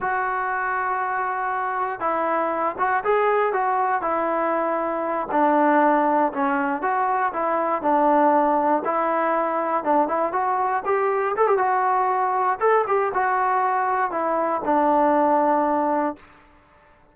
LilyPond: \new Staff \with { instrumentName = "trombone" } { \time 4/4 \tempo 4 = 119 fis'1 | e'4. fis'8 gis'4 fis'4 | e'2~ e'8 d'4.~ | d'8 cis'4 fis'4 e'4 d'8~ |
d'4. e'2 d'8 | e'8 fis'4 g'4 a'16 g'16 fis'4~ | fis'4 a'8 g'8 fis'2 | e'4 d'2. | }